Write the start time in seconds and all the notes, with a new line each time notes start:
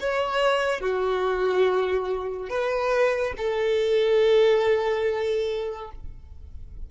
0.00 C#5
0.81 F#4
2.49 B4
3.38 A4